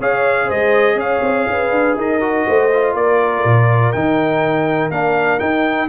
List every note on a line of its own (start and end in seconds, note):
0.00 0.49 C#4
0.00 2.21 G#4
0.00 0.46 C#5
0.00 0.51 F5
0.46 0.95 G#3
0.46 0.96 C5
0.46 1.00 D#5
0.95 1.20 C#4
0.95 1.49 C#5
0.95 1.98 F5
1.22 1.46 C4
1.47 1.71 C#4
1.47 1.98 B4
1.71 1.95 D4
1.97 2.46 D#4
1.97 2.46 A#4
1.97 2.95 D#5
2.21 2.70 F#4
2.46 2.95 A3
2.46 2.94 C5
2.73 3.94 F4
2.94 3.44 A#3
2.94 5.89 A#4
2.94 3.93 D5
3.44 3.94 A#2
3.93 4.90 D#3
3.93 4.92 D#4
3.93 4.91 G5
4.90 5.39 A#3
4.90 5.39 D4
4.90 5.40 F5
5.39 5.88 D#4
5.39 5.89 D#4
5.39 5.89 G5